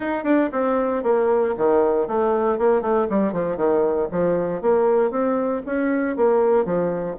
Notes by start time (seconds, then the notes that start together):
0.00 D#4
0.24 D4
0.52 C4
1.03 A#3
1.57 D#3
2.07 A3
2.58 A#3
2.81 A3
3.09 G3
3.32 F3
3.56 D#3
4.11 F3
4.61 A#3
5.10 C4
5.65 C#4
6.16 A#3
6.65 F3